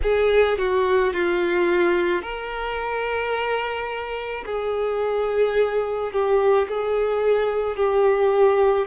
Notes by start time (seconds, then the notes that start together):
0.02 G#4
0.58 F#4
1.13 F4
2.22 A#4
4.45 G#4
6.12 G4
6.68 G#4
7.76 G4